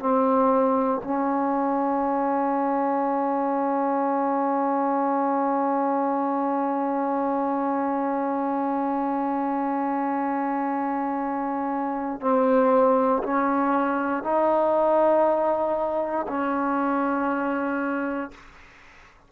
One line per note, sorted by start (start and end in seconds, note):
0.00 1.02 C4
1.04 12.21 C#4
12.21 13.23 C4
13.23 14.23 C#4
14.23 16.27 D#4
16.28 18.31 C#4